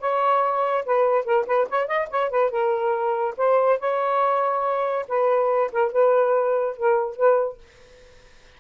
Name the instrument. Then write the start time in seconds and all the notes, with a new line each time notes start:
saxophone
0.00 C#5
0.85 B4
1.25 A#4
1.47 B4
1.69 C#5
1.87 D#5
2.10 C#5
2.30 B4
2.50 A#4
3.37 C5
3.79 C#5
5.08 B4
5.72 A#4
5.92 B4
6.77 A#4
7.16 B4